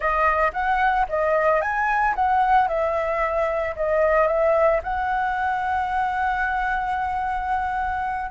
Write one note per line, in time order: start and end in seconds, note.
0.00 0.52 D#5
0.52 1.06 F#5
1.08 1.61 D#5
1.61 2.14 G#5
2.15 2.67 F#5
2.67 3.75 E5
3.75 4.27 D#5
4.27 4.80 E5
4.83 8.30 F#5